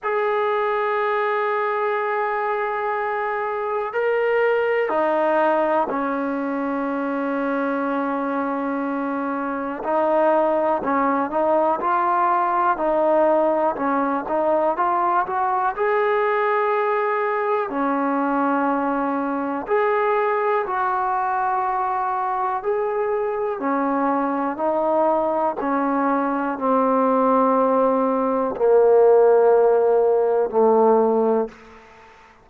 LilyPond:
\new Staff \with { instrumentName = "trombone" } { \time 4/4 \tempo 4 = 61 gis'1 | ais'4 dis'4 cis'2~ | cis'2 dis'4 cis'8 dis'8 | f'4 dis'4 cis'8 dis'8 f'8 fis'8 |
gis'2 cis'2 | gis'4 fis'2 gis'4 | cis'4 dis'4 cis'4 c'4~ | c'4 ais2 a4 | }